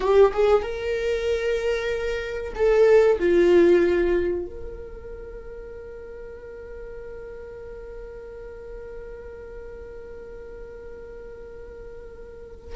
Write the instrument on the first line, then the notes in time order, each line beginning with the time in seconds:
viola
0.00 G4
0.33 G#4
0.62 A#4
2.55 A4
3.19 F4
4.46 A#4